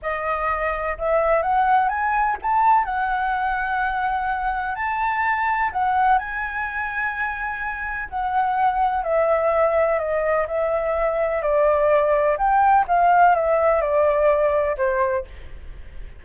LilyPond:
\new Staff \with { instrumentName = "flute" } { \time 4/4 \tempo 4 = 126 dis''2 e''4 fis''4 | gis''4 a''4 fis''2~ | fis''2 a''2 | fis''4 gis''2.~ |
gis''4 fis''2 e''4~ | e''4 dis''4 e''2 | d''2 g''4 f''4 | e''4 d''2 c''4 | }